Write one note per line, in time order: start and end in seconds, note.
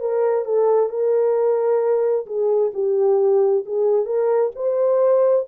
0.00 0.45 A#4
0.45 0.89 A4
0.89 2.26 A#4
2.26 2.71 G#4
2.74 3.64 G4
3.66 4.05 G#4
4.05 4.51 A#4
4.55 5.46 C5